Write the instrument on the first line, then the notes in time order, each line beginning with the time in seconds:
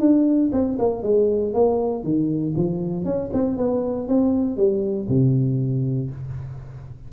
tuba
0.00 D4
0.52 C4
0.79 A#3
1.03 G#3
1.54 A#3
2.03 D#3
2.57 F3
3.05 C#4
3.33 C4
3.57 B3
4.08 C4
4.57 G3
5.09 C3